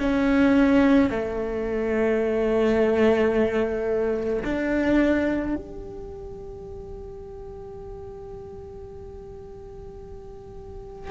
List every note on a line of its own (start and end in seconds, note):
0.00 1.10 C#4
1.10 4.43 A3
4.45 5.56 D4
5.56 11.11 G4